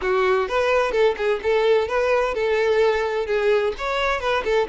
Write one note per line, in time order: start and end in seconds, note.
0.01 0.48 F#4
0.48 0.91 B4
0.91 1.15 A4
1.17 1.40 G#4
1.42 1.87 A4
1.87 2.34 B4
2.34 3.26 A4
3.26 3.73 G#4
3.78 4.20 C#5
4.20 4.43 B4
4.44 4.67 A4